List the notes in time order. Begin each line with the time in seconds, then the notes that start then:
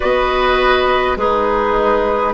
0.00 B3 F#4 B4 D#5
1.16 G#3 D#4 G#4 B4